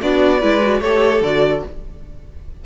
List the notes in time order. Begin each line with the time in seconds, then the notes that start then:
0.00 B3 D4 F#4 D5
0.39 G#3 E4 B4
0.62 F#4
0.80 A3 G4 A4 C#5
1.21 D3 F#4 D5